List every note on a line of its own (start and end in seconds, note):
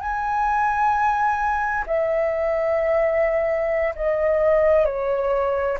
0.00 1.85 G#5
1.87 3.94 E5
3.95 4.85 D#5
4.85 5.78 C#5